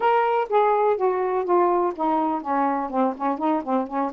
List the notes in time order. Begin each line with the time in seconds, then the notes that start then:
0.00 A#4
0.49 G#4
0.97 F#4
1.45 F4
1.95 D#4
2.41 C#4
2.90 C4
3.16 C#4
3.38 D#4
3.63 C4
3.87 C#4